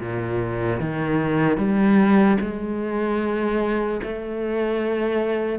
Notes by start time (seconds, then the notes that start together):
0.00 A#2
0.80 D#3
1.58 G3
2.41 G#3
4.03 A3